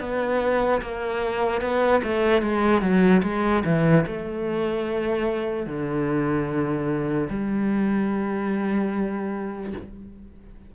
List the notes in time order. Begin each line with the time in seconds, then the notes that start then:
0.00 B3
0.81 A#3
1.61 B3
2.03 A3
2.42 G#3
2.82 F#3
3.23 G#3
3.65 E3
4.06 A3
5.66 D3
7.29 G3